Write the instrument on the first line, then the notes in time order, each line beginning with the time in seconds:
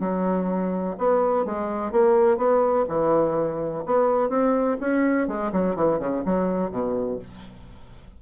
bassoon
0.00 F#3
0.98 B3
1.45 G#3
1.92 A#3
2.37 B3
2.88 E3
3.86 B3
4.29 C4
4.80 C#4
5.27 G#3
5.52 F#3
5.76 E3
5.99 C#3
6.25 F#3
6.71 B2